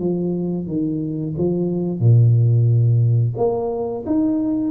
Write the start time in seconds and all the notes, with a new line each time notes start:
0.00 F3
0.68 D#3
1.38 F3
2.00 A#2
3.37 A#3
4.07 D#4